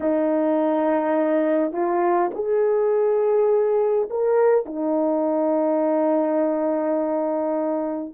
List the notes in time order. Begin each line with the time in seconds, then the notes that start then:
0.00 D#4
1.72 F4
2.34 G#4
4.10 A#4
4.65 D#4